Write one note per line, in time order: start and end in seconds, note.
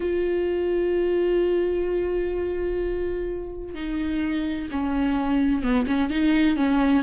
0.00 3.74 F4
3.74 4.67 D#4
4.71 5.62 C#4
5.62 5.86 B3
5.86 6.09 C#4
6.09 6.56 D#4
6.56 7.03 C#4